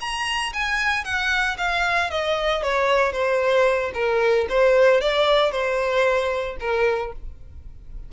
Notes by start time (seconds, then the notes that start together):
0.00 A#5
0.53 G#5
1.04 F#5
1.57 F5
2.10 D#5
2.62 C#5
3.12 C5
3.94 A#4
4.49 C5
5.00 D5
5.51 C5
6.60 A#4